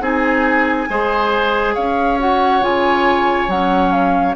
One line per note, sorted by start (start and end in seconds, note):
0.00 0.87 C4
0.00 0.88 D#4
0.00 0.89 G#4
0.00 1.75 G#5
0.89 1.76 G#3
0.89 2.19 G#4
0.89 1.74 C5
1.74 2.61 C#4
1.74 4.35 C#5
1.74 2.19 F5
2.19 2.61 F#4
2.19 2.64 F#5
2.61 3.48 C#3
2.61 3.48 F4
2.61 3.50 G#5
3.48 4.35 F#3
3.48 4.36 C#4
3.48 3.92 F#5
3.92 4.35 F5